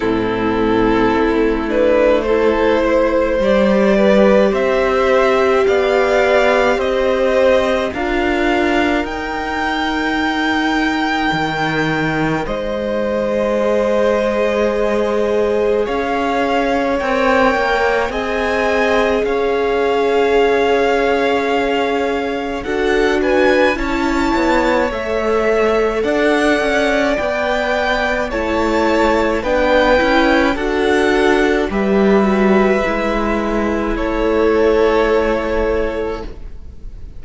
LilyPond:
<<
  \new Staff \with { instrumentName = "violin" } { \time 4/4 \tempo 4 = 53 a'4. b'8 c''4 d''4 | e''4 f''4 dis''4 f''4 | g''2. dis''4~ | dis''2 f''4 g''4 |
gis''4 f''2. | fis''8 gis''8 a''4 e''4 fis''4 | g''4 a''4 g''4 fis''4 | e''2 cis''2 | }
  \new Staff \with { instrumentName = "violin" } { \time 4/4 e'2 a'8 c''4 b'8 | c''4 d''4 c''4 ais'4~ | ais'2. c''4~ | c''2 cis''2 |
dis''4 cis''2. | a'8 b'8 cis''2 d''4~ | d''4 cis''4 b'4 a'4 | b'2 a'2 | }
  \new Staff \with { instrumentName = "viola" } { \time 4/4 c'4. d'8 e'4 g'4~ | g'2. f'4 | dis'1 | gis'2. ais'4 |
gis'1 | fis'4 e'4 a'2 | b'4 e'4 d'8 e'8 fis'4 | g'8 fis'8 e'2. | }
  \new Staff \with { instrumentName = "cello" } { \time 4/4 a,4 a2 g4 | c'4 b4 c'4 d'4 | dis'2 dis4 gis4~ | gis2 cis'4 c'8 ais8 |
c'4 cis'2. | d'4 cis'8 b8 a4 d'8 cis'8 | b4 a4 b8 cis'8 d'4 | g4 gis4 a2 | }
>>